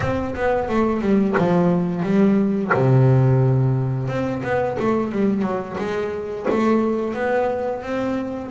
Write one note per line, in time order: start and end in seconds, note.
0.00 0.34 C4
0.35 0.68 B3
0.68 1.01 A3
1.01 1.35 G3
1.38 2.02 F3
2.02 2.71 G3
2.73 4.08 C3
4.08 4.42 C4
4.43 4.77 B3
4.79 5.11 A3
5.11 5.42 G3
5.42 5.76 F#3
5.78 6.46 G#3
6.50 7.14 A3
7.14 7.82 B3
7.82 8.50 C4